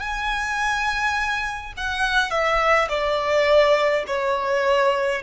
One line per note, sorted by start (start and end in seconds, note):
0.00 1.73 G#5
1.77 2.31 F#5
2.31 2.88 E5
2.89 4.04 D5
4.07 5.22 C#5